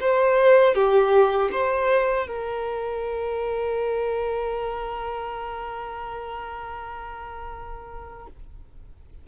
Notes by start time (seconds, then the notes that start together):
0.00 C5
0.74 G4
1.52 C5
2.27 A#4